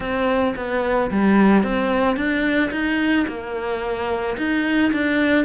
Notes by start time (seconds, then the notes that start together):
0.00 C4
0.56 B3
1.11 G3
1.63 C4
2.16 D4
2.71 D#4
3.27 A#3
4.37 D#4
4.92 D4